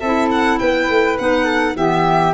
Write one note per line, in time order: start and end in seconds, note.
0.00 0.59 C4
0.00 1.19 E4
0.00 0.58 A4
0.00 0.29 E5
0.31 0.59 F#5
0.59 0.89 B3
0.59 1.44 B4
0.59 1.17 G5
0.89 1.18 A3
1.18 1.76 B3
1.18 1.76 D#4
1.18 1.77 F#5
1.44 1.73 A4
1.76 2.34 E3
1.76 2.34 B3
1.76 2.34 G4
1.76 2.34 E5